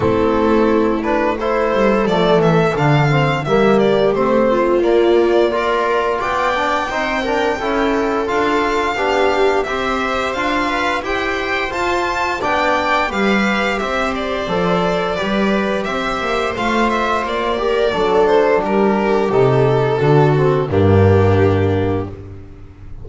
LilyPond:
<<
  \new Staff \with { instrumentName = "violin" } { \time 4/4 \tempo 4 = 87 a'4. b'8 c''4 d''8 e''8 | f''4 e''8 d''8 c''4 d''4~ | d''4 g''2. | f''2 e''4 f''4 |
g''4 a''4 g''4 f''4 | e''8 d''2~ d''8 e''4 | f''8 e''8 d''4. c''8 ais'4 | a'2 g'2 | }
  \new Staff \with { instrumentName = "viola" } { \time 4/4 e'2 a'2~ | a'4 g'4. f'4. | ais'4 d''4 c''8 ais'8 a'4~ | a'4 g'4 c''4. b'8 |
c''2 d''4 b'4 | c''2 b'4 c''4~ | c''4. ais'8 a'4 g'4~ | g'4 fis'4 d'2 | }
  \new Staff \with { instrumentName = "trombone" } { \time 4/4 c'4. d'8 e'4 a4 | d'8 c'8 ais4 c'4 ais4 | f'4. d'8 dis'8 d'8 e'4 | f'4 d'4 g'4 f'4 |
g'4 f'4 d'4 g'4~ | g'4 a'4 g'2 | f'4. g'8 d'2 | dis'4 d'8 c'8 ais2 | }
  \new Staff \with { instrumentName = "double bass" } { \time 4/4 a2~ a8 g8 f8 e8 | d4 g4 a4 ais4~ | ais4 b4 c'4 cis'4 | d'4 b4 c'4 d'4 |
e'4 f'4 b4 g4 | c'4 f4 g4 c'8 ais8 | a4 ais4 fis4 g4 | c4 d4 g,2 | }
>>